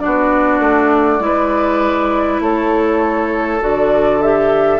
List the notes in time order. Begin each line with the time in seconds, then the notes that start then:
0.00 B3 D4 F#4 D5
0.59 A3
1.20 G#3 E4 B4
2.40 A3 A4 C#5
3.60 D3 F#4 D5
4.22 G4 E5